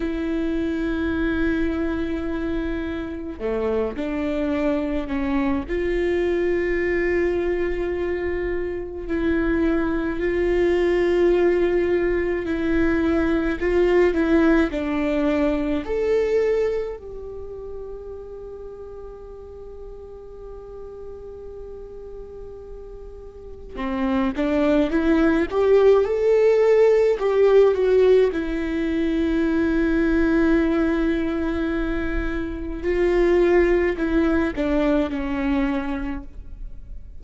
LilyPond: \new Staff \with { instrumentName = "viola" } { \time 4/4 \tempo 4 = 53 e'2. a8 d'8~ | d'8 cis'8 f'2. | e'4 f'2 e'4 | f'8 e'8 d'4 a'4 g'4~ |
g'1~ | g'4 c'8 d'8 e'8 g'8 a'4 | g'8 fis'8 e'2.~ | e'4 f'4 e'8 d'8 cis'4 | }